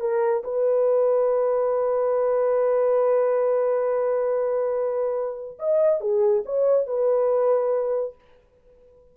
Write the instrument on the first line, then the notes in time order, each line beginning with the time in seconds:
horn
0.00 A#4
0.43 B4
5.59 D#5
6.00 G#4
6.45 C#5
6.86 B4